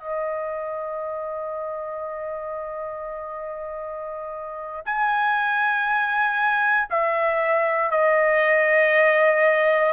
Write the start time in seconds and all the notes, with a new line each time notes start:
0.00 D#5
4.86 G#5
6.91 E5
7.92 D#5